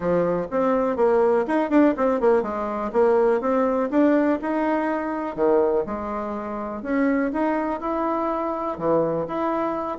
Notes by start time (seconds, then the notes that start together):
0.00 F3
0.50 C4
0.96 A#3
1.47 D#4
1.70 D4
1.96 C4
2.20 A#3
2.42 G#3
2.92 A#3
3.40 C4
3.90 D4
4.41 D#4
5.35 D#3
5.85 G#3
6.82 C#4
7.32 D#4
7.80 E4
8.78 E3
9.27 E4